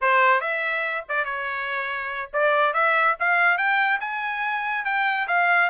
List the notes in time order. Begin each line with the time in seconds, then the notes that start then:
0.01 C5
0.40 E5
1.08 D5
1.24 C#5
2.33 D5
2.73 E5
3.19 F5
3.57 G5
4.00 G#5
4.85 G5
5.27 F5